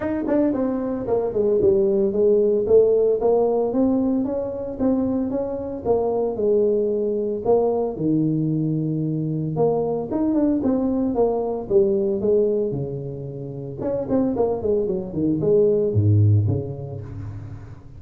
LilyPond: \new Staff \with { instrumentName = "tuba" } { \time 4/4 \tempo 4 = 113 dis'8 d'8 c'4 ais8 gis8 g4 | gis4 a4 ais4 c'4 | cis'4 c'4 cis'4 ais4 | gis2 ais4 dis4~ |
dis2 ais4 dis'8 d'8 | c'4 ais4 g4 gis4 | cis2 cis'8 c'8 ais8 gis8 | fis8 dis8 gis4 gis,4 cis4 | }